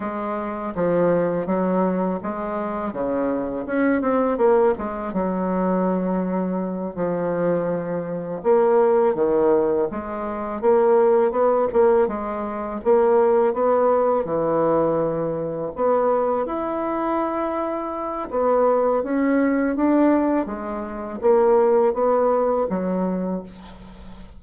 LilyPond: \new Staff \with { instrumentName = "bassoon" } { \time 4/4 \tempo 4 = 82 gis4 f4 fis4 gis4 | cis4 cis'8 c'8 ais8 gis8 fis4~ | fis4. f2 ais8~ | ais8 dis4 gis4 ais4 b8 |
ais8 gis4 ais4 b4 e8~ | e4. b4 e'4.~ | e'4 b4 cis'4 d'4 | gis4 ais4 b4 fis4 | }